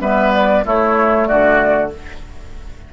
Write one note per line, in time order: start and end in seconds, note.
0.00 0.63 G3
0.00 0.63 B3
0.00 0.64 B4
0.00 0.33 E5
0.33 0.65 D5
0.63 1.90 A3
0.63 1.29 A3
0.63 1.27 E4
0.63 1.27 C#5
1.27 1.93 D3
1.27 1.91 F#4
1.27 1.90 D5